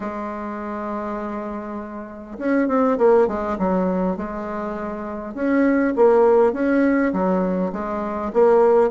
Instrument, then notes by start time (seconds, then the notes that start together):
bassoon
0.00 G#3
2.38 C#4
2.67 C4
2.98 A#3
3.27 G#3
3.58 F#3
4.16 G#3
5.34 C#4
5.95 A#3
6.53 C#4
7.12 F#3
7.72 G#3
8.33 A#3